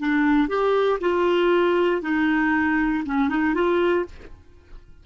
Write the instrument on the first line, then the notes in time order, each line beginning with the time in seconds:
clarinet
0.00 D4
0.49 G4
1.01 F4
2.02 D#4
3.06 C#4
3.30 D#4
3.55 F4